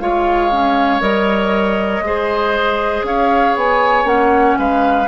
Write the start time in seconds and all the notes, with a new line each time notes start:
0.00 G#3 F4 C#5 F5
0.51 C#4
1.01 G3 A#4 D#5
2.01 G#3 G#4 C5
3.03 C#4 C#5 F5
3.56 B3 G#5
4.04 A#3 C#4 F#5
4.59 G#3 B4 F5